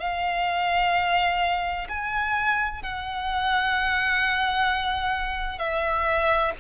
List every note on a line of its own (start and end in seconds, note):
0.00 1.87 F5
1.89 2.83 G#5
2.83 5.59 F#5
5.59 6.53 E5